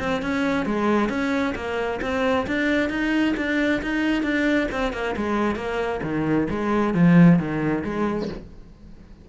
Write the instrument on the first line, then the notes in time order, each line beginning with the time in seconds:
cello
0.00 C4
0.23 C#4
0.66 G#3
1.10 C#4
1.56 A#3
2.02 C4
2.47 D4
2.90 D#4
3.37 D4
3.82 D#4
4.23 D4
4.72 C4
4.93 A#3
5.17 G#3
5.56 A#3
6.03 D#3
6.51 G#3
6.94 F3
7.39 D#3
7.84 G#3